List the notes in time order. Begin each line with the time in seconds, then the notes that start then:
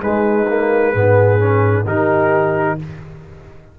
0.00 G#3 D#4 B4
0.48 A#3
0.93 G#2 B3 G#4
1.39 C#4
1.85 D#3 D#4 G4 A#4